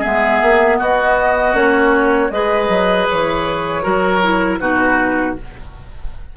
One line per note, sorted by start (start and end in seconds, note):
0.00 1.54 B3
0.00 0.76 G#4
0.00 0.79 E5
0.06 0.42 G#3
0.42 0.80 A#3
0.80 1.54 B3
0.80 2.32 F#4
0.80 1.56 D#5
1.54 2.30 A#3
1.54 2.30 C#4
1.54 2.31 C#5
2.31 2.69 G#3
2.31 3.83 G#4
2.31 3.83 B4
2.31 3.07 D#5
2.69 3.07 F#3
3.10 3.85 E3
3.10 4.60 C#5
3.83 4.60 F#3
3.83 4.21 F#4
3.83 4.59 A#4
4.23 4.60 E4
4.60 5.36 B2
4.60 5.36 D#4
4.60 5.37 F#4
4.60 5.36 B4